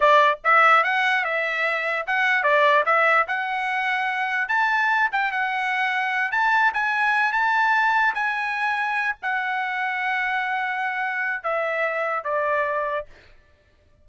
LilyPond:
\new Staff \with { instrumentName = "trumpet" } { \time 4/4 \tempo 4 = 147 d''4 e''4 fis''4 e''4~ | e''4 fis''4 d''4 e''4 | fis''2. a''4~ | a''8 g''8 fis''2~ fis''8 a''8~ |
a''8 gis''4. a''2 | gis''2~ gis''8 fis''4.~ | fis''1 | e''2 d''2 | }